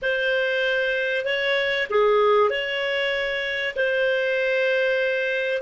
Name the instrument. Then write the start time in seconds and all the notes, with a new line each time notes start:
clarinet
0.01 C5
1.25 C#5
1.89 G#4
2.49 C#5
3.76 C5